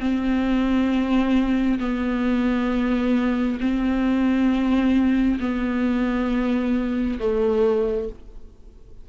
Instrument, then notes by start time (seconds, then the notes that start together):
viola
0.00 C4
1.80 B3
3.60 C4
5.40 B3
7.20 A3